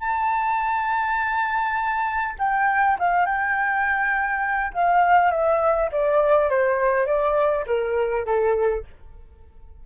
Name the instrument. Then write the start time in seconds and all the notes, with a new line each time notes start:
flute
0.00 A5
2.39 G5
2.99 F5
3.25 G5
4.73 F5
5.31 E5
5.92 D5
6.50 C5
7.06 D5
7.67 A#4
8.25 A4